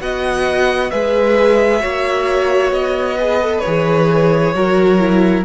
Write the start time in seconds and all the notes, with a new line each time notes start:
0.00 B3 F#4 D#5 F#5
0.90 G#3 G#4 B4 E5
1.80 A#3 F#4 C#5
2.71 B3 D#5
3.17 G#4 B4
3.41 A4
3.60 G#4 C#5
3.67 E3
4.54 F#3 F#4 A#4
4.99 E4